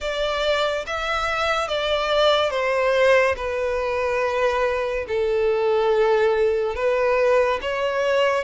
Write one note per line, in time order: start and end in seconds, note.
0.00 0.85 D5
0.86 1.67 E5
1.67 2.50 D5
2.50 3.35 C5
3.36 5.05 B4
5.07 6.75 A4
6.75 7.59 B4
7.61 8.44 C#5